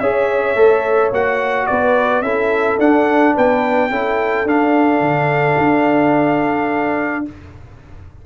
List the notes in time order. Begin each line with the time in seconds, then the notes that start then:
0.00 C#4 G#4 C#5 E5
0.56 A3 A4
1.12 A#3 F#4 F#5
1.67 B3 B4 D5
2.22 C#4 E4 A4 E5
2.79 D4 F#5
3.35 B3 B4 G5
3.91 C#4 E4 A4
4.45 D4 F5
5.01 D3
5.58 D4